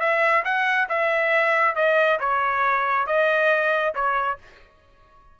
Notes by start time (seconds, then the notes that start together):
0.00 E5
0.45 F#5
0.89 E5
1.76 D#5
2.20 C#5
3.07 D#5
3.95 C#5